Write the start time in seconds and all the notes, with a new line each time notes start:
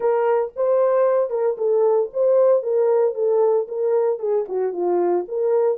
0.00 A#4
0.56 C5
1.30 A#4
1.57 A4
2.13 C5
2.62 A#4
3.14 A4
3.68 A#4
4.19 G#4
4.48 F#4
4.72 F4
5.28 A#4